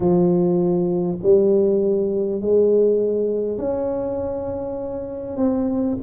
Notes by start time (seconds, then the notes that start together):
0.00 F3
1.23 G3
2.41 G#3
3.57 C#4
5.37 C4